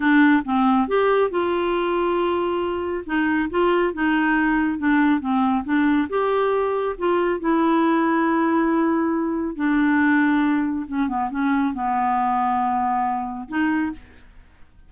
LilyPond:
\new Staff \with { instrumentName = "clarinet" } { \time 4/4 \tempo 4 = 138 d'4 c'4 g'4 f'4~ | f'2. dis'4 | f'4 dis'2 d'4 | c'4 d'4 g'2 |
f'4 e'2.~ | e'2 d'2~ | d'4 cis'8 b8 cis'4 b4~ | b2. dis'4 | }